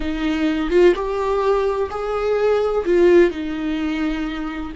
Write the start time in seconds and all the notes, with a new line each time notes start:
0.00 D#4
0.70 F4
0.95 G4
1.90 G#4
2.85 F4
3.30 D#4